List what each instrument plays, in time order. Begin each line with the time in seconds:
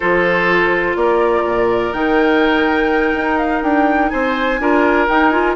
0.00 bassoon F3, clarinet F4, oboe A4, flute C5
0.95 bassoon A#3, oboe A#4, flute D5
1.44 bassoon A#2
1.93 bassoon D#3, clarinet D#4, flute G5
3.13 bassoon D#4
3.38 flute F5
3.62 bassoon D4, flute G5
4.09 bassoon C4, oboe C5, flute G#5
4.59 bassoon D4, clarinet F4, oboe A#4
5.08 clarinet D#4, bassoon D#4, flute G5
5.29 clarinet F4, flute G#5